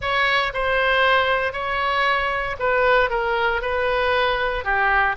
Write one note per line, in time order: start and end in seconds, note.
0.01 0.53 C#5
0.53 1.52 C5
1.52 2.56 C#5
2.59 3.10 B4
3.10 3.61 A#4
3.61 4.64 B4
4.64 5.16 G4